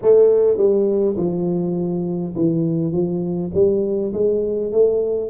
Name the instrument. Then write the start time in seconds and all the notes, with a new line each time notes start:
tuba
0.02 A3
0.57 G3
1.17 F3
2.35 E3
2.92 F3
3.53 G3
4.13 G#3
4.72 A3